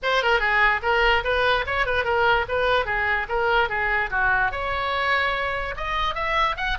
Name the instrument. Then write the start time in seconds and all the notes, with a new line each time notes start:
oboe
0.02 C5
0.23 A#4
0.39 G#4
0.82 A#4
1.24 B4
1.66 C#5
1.86 B4
2.04 A#4
2.48 B4
2.85 G#4
3.28 A#4
3.69 G#4
4.10 F#4
4.51 C#5
5.76 D#5
6.14 E5
6.57 F#5